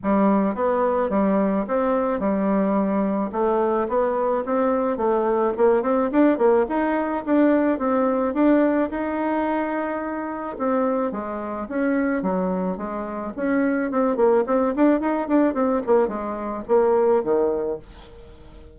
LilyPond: \new Staff \with { instrumentName = "bassoon" } { \time 4/4 \tempo 4 = 108 g4 b4 g4 c'4 | g2 a4 b4 | c'4 a4 ais8 c'8 d'8 ais8 | dis'4 d'4 c'4 d'4 |
dis'2. c'4 | gis4 cis'4 fis4 gis4 | cis'4 c'8 ais8 c'8 d'8 dis'8 d'8 | c'8 ais8 gis4 ais4 dis4 | }